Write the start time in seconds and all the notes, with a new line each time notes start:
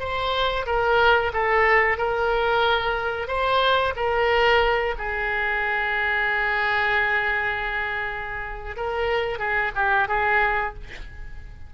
0.00 C5
0.67 A#4
1.33 A4
1.98 A#4
3.28 C5
3.96 A#4
4.98 G#4
8.77 A#4
9.39 G#4
9.75 G4
10.08 G#4